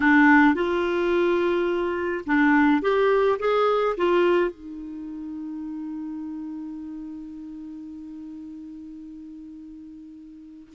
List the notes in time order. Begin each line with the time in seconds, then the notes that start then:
0.00 D4
0.54 F4
2.26 D4
2.81 G4
3.39 G#4
3.97 F4
4.50 D#4